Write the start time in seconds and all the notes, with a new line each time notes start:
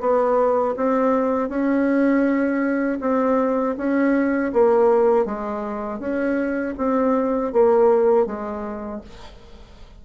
0.00 B3
0.76 C4
1.49 C#4
3.01 C4
3.77 C#4
4.53 A#3
5.25 G#3
6.00 C#4
6.77 C4
7.53 A#3
8.26 G#3